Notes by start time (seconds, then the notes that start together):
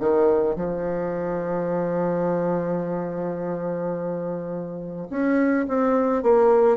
0.00 D#3
0.56 F3
5.10 C#4
5.68 C4
6.23 A#3